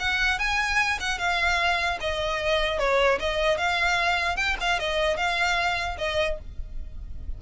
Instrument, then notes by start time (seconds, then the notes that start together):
violin
0.00 F#5
0.39 G#5
1.01 F#5
1.19 F5
2.01 D#5
2.79 C#5
3.20 D#5
3.58 F5
4.37 G5
4.61 F5
4.80 D#5
5.17 F5
5.99 D#5